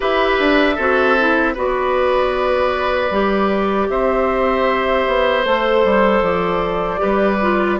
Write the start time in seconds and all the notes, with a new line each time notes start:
0.00 E4 G4 B4 E5
0.39 D4
0.75 C4 F#4 A4
1.18 E4
1.53 B3 F#4 B4 D5
3.10 G3 G4
3.89 C4 C5 E5
5.07 B3
5.45 A3 A4 C5
5.84 G3
6.21 F3 D5
6.97 G3 G4 B4
7.41 F4